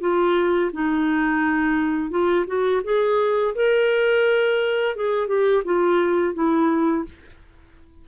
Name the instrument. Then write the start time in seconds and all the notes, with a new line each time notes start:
clarinet
0.00 F4
0.72 D#4
2.10 F4
2.46 F#4
2.84 G#4
3.55 A#4
4.95 G#4
5.27 G4
5.64 F4
6.34 E4